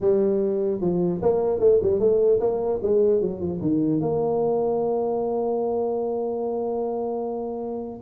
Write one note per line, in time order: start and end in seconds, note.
0.00 0.80 G3
0.80 1.20 F3
1.22 1.59 A#3
1.59 1.79 A3
1.82 1.99 G3
1.99 2.39 A3
2.39 2.79 A#3
2.82 3.21 G#3
3.21 3.40 F#3
3.40 3.60 F3
3.61 4.00 D#3
4.00 8.00 A#3